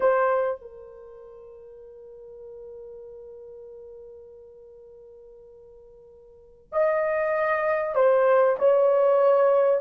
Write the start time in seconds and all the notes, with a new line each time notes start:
0.00 C5
0.61 A#4
6.72 D#5
7.95 C5
8.59 C#5